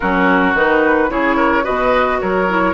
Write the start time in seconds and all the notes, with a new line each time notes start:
0.00 F#3 C#4 F#4 A#4
0.54 D#3 D#4 B4
1.09 C#3 E4 G#4 C#5
1.36 A#4
1.63 B2 F#4 B4 D#5
2.20 F#3 A#4 C#5
2.48 E4